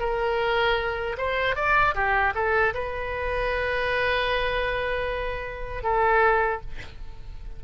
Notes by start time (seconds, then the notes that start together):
0.00 A#4
1.18 C5
1.56 D5
1.95 G4
2.35 A4
2.74 B4
5.83 A4